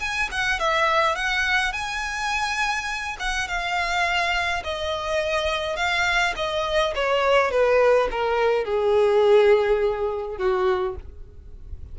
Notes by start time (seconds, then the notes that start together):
0.00 G#5
0.31 F#5
0.60 E5
1.16 F#5
1.73 G#5
3.20 F#5
3.48 F5
4.64 D#5
5.76 F5
6.36 D#5
6.95 C#5
7.51 B4
8.11 A#4
8.65 G#4
10.38 F#4